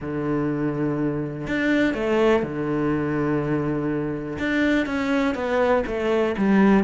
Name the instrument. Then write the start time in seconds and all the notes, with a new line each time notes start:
cello
0.00 D3
1.47 D4
1.94 A3
2.43 D3
4.38 D4
4.86 C#4
5.34 B3
5.86 A3
6.37 G3